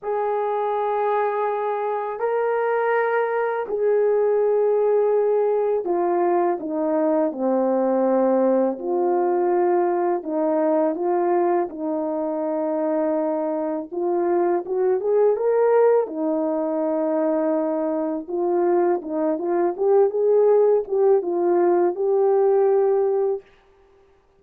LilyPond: \new Staff \with { instrumentName = "horn" } { \time 4/4 \tempo 4 = 82 gis'2. ais'4~ | ais'4 gis'2. | f'4 dis'4 c'2 | f'2 dis'4 f'4 |
dis'2. f'4 | fis'8 gis'8 ais'4 dis'2~ | dis'4 f'4 dis'8 f'8 g'8 gis'8~ | gis'8 g'8 f'4 g'2 | }